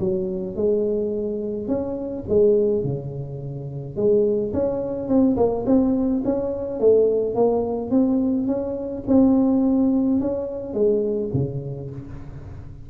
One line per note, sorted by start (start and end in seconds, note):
0.00 0.56 F#3
0.56 1.68 G#3
1.68 2.24 C#4
2.28 2.84 G#3
2.84 3.96 C#3
3.96 4.53 G#3
4.53 5.08 C#4
5.08 5.36 C4
5.37 5.65 A#3
5.66 6.23 C4
6.24 6.80 C#4
6.80 7.35 A3
7.35 7.91 A#3
7.91 8.47 C4
8.47 9.03 C#4
9.07 10.20 C4
10.20 10.74 C#4
10.74 11.30 G#3
11.34 11.90 C#3